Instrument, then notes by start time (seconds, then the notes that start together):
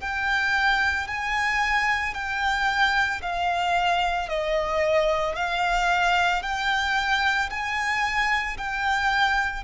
violin
0.00 G5
1.07 G#5
2.14 G5
3.21 F5
4.29 D#5
5.35 F5
6.42 G5
7.50 G#5
8.57 G5